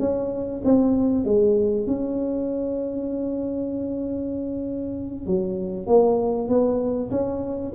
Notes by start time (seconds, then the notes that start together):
0.00 C#4
0.65 C4
1.25 G#3
1.87 C#4
5.27 F#3
5.87 A#3
6.48 B3
7.11 C#4